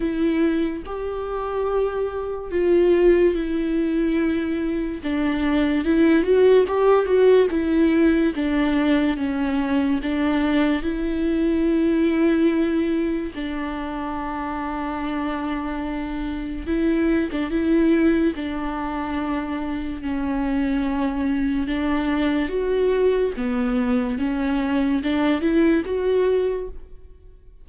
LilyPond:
\new Staff \with { instrumentName = "viola" } { \time 4/4 \tempo 4 = 72 e'4 g'2 f'4 | e'2 d'4 e'8 fis'8 | g'8 fis'8 e'4 d'4 cis'4 | d'4 e'2. |
d'1 | e'8. d'16 e'4 d'2 | cis'2 d'4 fis'4 | b4 cis'4 d'8 e'8 fis'4 | }